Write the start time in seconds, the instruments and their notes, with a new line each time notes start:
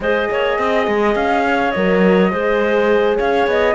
0.00 cello G#3, horn G#4, clarinet C5, flute D#5
0.30 cello A#3, clarinet C#5
0.58 cello C4, clarinet D#5
0.87 cello G#3
1.15 cello C#4, flute F5
1.45 clarinet C#5
1.71 cello F#3, horn A#4, flute D#5
2.31 cello G#3, horn G#4, clarinet C5
3.16 cello C#4, clarinet C#5, flute F5
3.46 cello B3, flute D#5